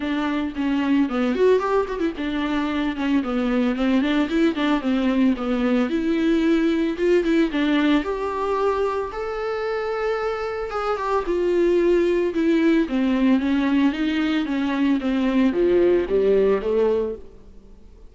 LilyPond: \new Staff \with { instrumentName = "viola" } { \time 4/4 \tempo 4 = 112 d'4 cis'4 b8 fis'8 g'8 fis'16 e'16 | d'4. cis'8 b4 c'8 d'8 | e'8 d'8 c'4 b4 e'4~ | e'4 f'8 e'8 d'4 g'4~ |
g'4 a'2. | gis'8 g'8 f'2 e'4 | c'4 cis'4 dis'4 cis'4 | c'4 f4 g4 a4 | }